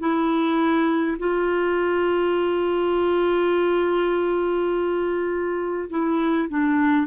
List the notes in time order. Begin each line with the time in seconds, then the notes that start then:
0.00 E4
1.19 F4
5.90 E4
6.50 D4